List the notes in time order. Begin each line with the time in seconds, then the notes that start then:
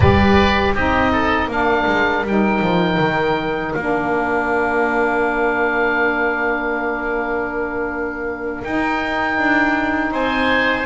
0.00 G3 G4 B4 D5
0.74 C4 D#4 G4 D#5
1.12 A4
1.47 A#3 D4 A#4 F5
1.85 G#3
2.23 G3 D#4 G5
2.61 F3
2.99 D#3
3.73 A#3 D4 F5
8.64 D#4 G5
9.38 D4
10.11 C4 C5 G#5